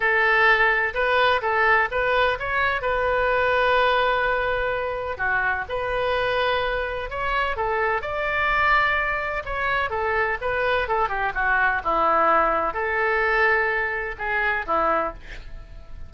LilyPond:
\new Staff \with { instrumentName = "oboe" } { \time 4/4 \tempo 4 = 127 a'2 b'4 a'4 | b'4 cis''4 b'2~ | b'2. fis'4 | b'2. cis''4 |
a'4 d''2. | cis''4 a'4 b'4 a'8 g'8 | fis'4 e'2 a'4~ | a'2 gis'4 e'4 | }